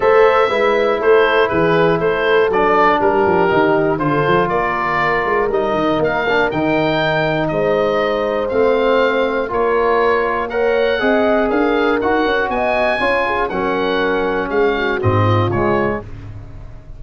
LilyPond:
<<
  \new Staff \with { instrumentName = "oboe" } { \time 4/4 \tempo 4 = 120 e''2 c''4 b'4 | c''4 d''4 ais'2 | c''4 d''2 dis''4 | f''4 g''2 dis''4~ |
dis''4 f''2 cis''4~ | cis''4 fis''2 f''4 | fis''4 gis''2 fis''4~ | fis''4 f''4 dis''4 cis''4 | }
  \new Staff \with { instrumentName = "horn" } { \time 4/4 c''4 b'4 a'4 gis'4 | a'2 g'2 | a'4 ais'2.~ | ais'2. c''4~ |
c''2. ais'4~ | ais'4 cis''4 dis''4 ais'4~ | ais'4 dis''4 cis''8 gis'8 ais'4~ | ais'4 gis'8 fis'4 f'4. | }
  \new Staff \with { instrumentName = "trombone" } { \time 4/4 a'4 e'2.~ | e'4 d'2 dis'4 | f'2. dis'4~ | dis'8 d'8 dis'2.~ |
dis'4 c'2 f'4~ | f'4 ais'4 gis'2 | fis'2 f'4 cis'4~ | cis'2 c'4 gis4 | }
  \new Staff \with { instrumentName = "tuba" } { \time 4/4 a4 gis4 a4 e4 | a4 fis4 g8 f8 dis4 | d8 f8 ais4. gis8 g8 dis8 | ais4 dis2 gis4~ |
gis4 a2 ais4~ | ais2 c'4 d'4 | dis'8 cis'8 b4 cis'4 fis4~ | fis4 gis4 gis,4 cis4 | }
>>